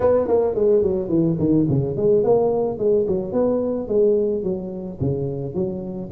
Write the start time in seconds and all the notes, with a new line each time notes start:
0.00 B3
0.27 A#3
0.54 G#3
0.82 F#3
1.09 E3
1.39 D#3
1.69 C#3
1.96 G#3
2.23 A#3
2.78 G#3
3.07 F#3
3.32 B3
3.88 G#3
4.43 F#3
5.00 C#3
5.54 F#3